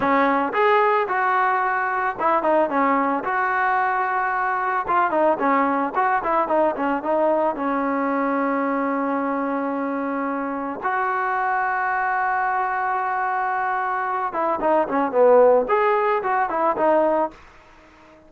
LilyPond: \new Staff \with { instrumentName = "trombone" } { \time 4/4 \tempo 4 = 111 cis'4 gis'4 fis'2 | e'8 dis'8 cis'4 fis'2~ | fis'4 f'8 dis'8 cis'4 fis'8 e'8 | dis'8 cis'8 dis'4 cis'2~ |
cis'1 | fis'1~ | fis'2~ fis'8 e'8 dis'8 cis'8 | b4 gis'4 fis'8 e'8 dis'4 | }